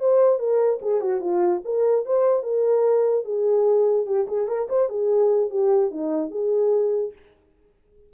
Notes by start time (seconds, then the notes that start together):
0.00 C5
0.39 A#4
0.82 G#4
1.01 F#4
1.21 F4
1.65 A#4
2.06 C5
2.44 A#4
3.25 G#4
4.06 G4
4.28 G#4
4.48 A#4
4.69 C5
4.89 G#4
5.50 G4
5.91 D#4
6.32 G#4